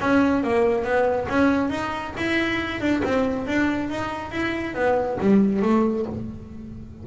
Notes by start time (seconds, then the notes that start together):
0.00 C#4
0.43 A#3
0.84 B3
1.28 C#4
1.70 D#4
2.17 E4
2.80 D4
3.04 C4
3.47 D4
3.90 D#4
4.31 E4
4.74 B3
5.20 G3
5.62 A3